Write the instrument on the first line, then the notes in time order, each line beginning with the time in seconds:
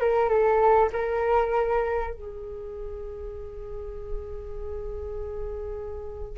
flute
0.00 A#4
0.29 A4
0.93 A#4
2.14 G#4